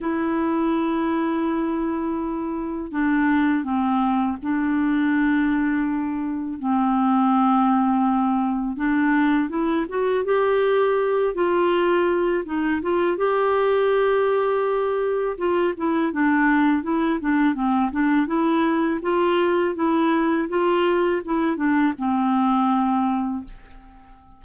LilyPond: \new Staff \with { instrumentName = "clarinet" } { \time 4/4 \tempo 4 = 82 e'1 | d'4 c'4 d'2~ | d'4 c'2. | d'4 e'8 fis'8 g'4. f'8~ |
f'4 dis'8 f'8 g'2~ | g'4 f'8 e'8 d'4 e'8 d'8 | c'8 d'8 e'4 f'4 e'4 | f'4 e'8 d'8 c'2 | }